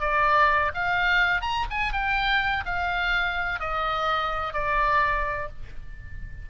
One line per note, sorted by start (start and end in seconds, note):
0.00 0.71 D5
0.74 1.41 F5
1.41 1.65 A#5
1.70 1.92 G#5
1.92 2.64 G5
2.65 3.60 F5
3.60 4.53 D#5
4.53 5.48 D5